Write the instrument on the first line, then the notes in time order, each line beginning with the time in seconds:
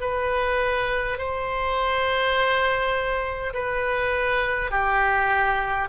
oboe
0.00 B4
1.18 C5
3.53 B4
4.71 G4